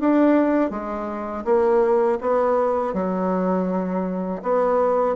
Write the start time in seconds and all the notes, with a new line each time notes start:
0.00 D4
0.70 G#3
1.45 A#3
2.21 B3
2.94 F#3
4.42 B3